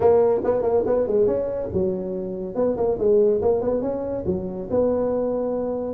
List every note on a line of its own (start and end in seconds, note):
0.00 0.41 A#3
0.44 0.62 B3
0.62 0.83 A#3
0.85 1.07 B3
1.07 1.26 G#3
1.26 1.69 C#4
1.73 2.55 F#3
2.55 2.76 B3
2.76 2.98 A#3
2.98 3.41 G#3
3.41 3.61 A#3
3.61 3.81 B3
3.81 4.24 C#4
4.26 4.68 F#3
4.70 5.93 B3